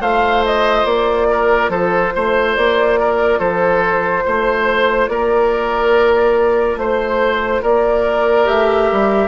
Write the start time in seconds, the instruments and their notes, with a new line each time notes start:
0.00 bassoon A3, clarinet F4, oboe C5, flute F5
0.45 flute D#5
0.85 bassoon A#3, flute D5
1.31 oboe A#4
1.69 bassoon F3, oboe A4, flute C5
2.15 bassoon A3, oboe C5
2.56 bassoon A#3, flute D5
3.00 oboe A#4
3.39 bassoon F3, oboe A4, flute C5
4.26 bassoon A3, oboe C5
5.08 bassoon A#3, oboe A#4, flute D5
6.77 bassoon A3, flute C5, oboe C5
7.62 bassoon A#3, oboe A#4, flute D5
8.45 bassoon A3, clarinet G4, flute E5
8.92 bassoon G3